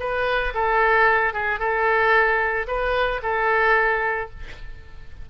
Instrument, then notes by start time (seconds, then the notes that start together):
oboe
0.00 B4
0.55 A4
1.34 G#4
1.60 A4
2.68 B4
3.23 A4